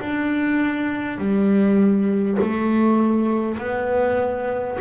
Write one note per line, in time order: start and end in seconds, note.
0.00 1.18 D4
1.18 2.38 G3
2.41 3.58 A3
3.58 4.78 B3